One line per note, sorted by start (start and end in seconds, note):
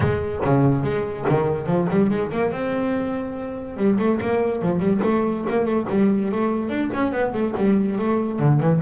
0.00 0.40 G#3
0.44 0.83 C#3
0.83 1.25 G#3
1.28 1.66 D#3
1.66 1.87 F3
1.89 2.10 G3
2.10 2.31 G#3
2.31 2.51 A#3
2.51 3.76 C4
3.76 3.97 G3
3.98 4.19 A3
4.21 4.62 A#3
4.62 4.79 F3
4.79 5.00 G3
5.03 5.45 A3
5.49 5.65 A#3
5.65 5.86 A3
5.89 6.31 G3
6.31 6.69 A3
6.69 6.90 D4
6.93 7.12 C#4
7.12 7.33 B3
7.33 7.54 A3
7.57 7.98 G3
7.98 8.39 A3
8.39 8.59 D3
8.59 8.80 E3